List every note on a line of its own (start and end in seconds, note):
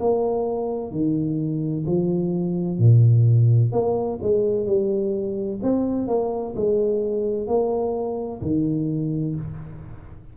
0.00 0.92 A#3
0.92 1.85 D#3
1.87 2.79 F3
2.79 3.72 A#2
3.72 4.19 A#3
4.22 4.66 G#3
4.66 5.60 G3
5.62 6.08 C4
6.08 6.55 A#3
6.56 7.47 G#3
7.47 8.41 A#3
8.42 9.35 D#3